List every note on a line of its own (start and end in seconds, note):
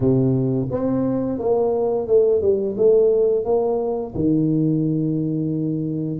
0.00 0.68 C3
0.70 1.38 C4
1.38 2.07 A#3
2.07 2.41 A3
2.41 2.76 G3
2.77 3.44 A3
3.44 4.13 A#3
4.14 6.20 D#3